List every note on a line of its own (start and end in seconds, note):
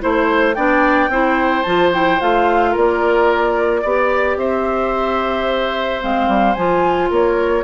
0.00 0.56 A3
0.00 0.55 E4
0.00 0.56 C5
0.00 0.54 C5
0.54 1.08 B3
0.54 1.10 D4
0.54 1.10 D5
0.54 1.62 G5
1.08 1.63 C4
1.08 1.65 E4
1.08 2.71 C5
1.62 2.20 F3
1.62 1.92 F4
1.62 1.90 A5
1.92 2.20 E4
1.92 2.21 G5
2.20 2.76 A3
2.20 3.83 F4
2.20 2.75 F5
2.71 3.84 A#3
2.71 3.80 A#4
2.71 4.37 D5
3.82 4.36 B3
3.82 6.01 G4
3.82 4.36 D5
4.36 6.00 C4
4.36 7.10 C5
4.36 6.01 E5
6.01 6.27 G#3
6.01 6.55 C4
6.01 6.54 F5
6.27 6.55 G3
6.54 7.10 F3
6.54 7.64 F4
6.54 7.08 G#5
7.10 7.64 A#3
7.10 7.64 A#4
7.10 7.64 C#5